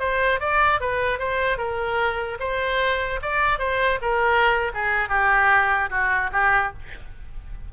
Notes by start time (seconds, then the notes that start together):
0.00 C5
0.40 D5
0.81 B4
1.19 C5
1.58 A#4
2.40 C5
3.22 D5
3.59 C5
4.02 A#4
4.74 G#4
5.09 G4
5.90 F#4
6.33 G4